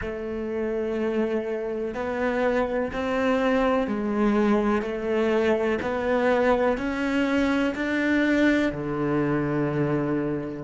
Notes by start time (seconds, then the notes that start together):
0.01 A3
1.94 B3
2.93 C4
3.87 G#3
4.81 A3
5.82 B3
6.77 C#4
7.75 D4
8.72 D3